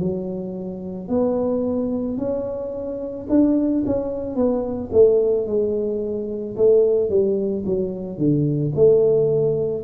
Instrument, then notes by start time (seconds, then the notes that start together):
tuba
0.00 F#3
1.09 B3
2.18 C#4
3.30 D4
3.87 C#4
4.36 B3
4.93 A3
5.47 G#3
6.57 A3
7.10 G3
7.66 F#3
8.18 D3
8.76 A3